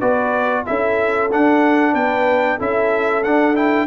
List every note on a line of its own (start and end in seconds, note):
0.00 0.66 B3
0.00 0.66 F#4
0.00 0.65 B4
0.00 0.65 D5
0.66 1.32 C#4
0.66 1.30 E4
0.66 1.94 A4
0.66 1.31 E5
1.32 2.60 D4
1.32 1.95 D4
1.32 1.95 F#5
1.94 2.59 B3
1.94 2.58 B4
1.94 2.59 G5
2.58 3.25 C#4
2.58 3.24 E4
2.58 3.87 A4
2.58 3.24 E5
3.24 3.56 D4
3.24 3.87 D4
3.24 3.56 F#5
3.56 3.87 E4
3.56 3.87 G5